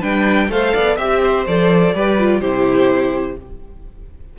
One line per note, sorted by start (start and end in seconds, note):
0.00 0.49 G3
0.00 0.50 D4
0.00 0.48 B4
0.00 0.51 G5
0.49 0.73 A3
0.49 0.98 A4
0.49 0.74 C5
0.49 0.97 F5
0.74 0.98 B3
0.74 0.97 D5
0.97 1.46 C4
0.97 1.47 G4
0.97 1.45 E5
0.97 1.21 E5
1.23 1.95 C5
1.47 1.94 F3
1.47 1.96 A4
1.47 2.41 D5
1.94 2.41 G3
1.94 2.19 G4
1.94 2.41 B4
2.19 2.43 F4
2.41 3.37 C3
2.41 3.39 E4
2.41 3.37 G4
2.41 3.37 C5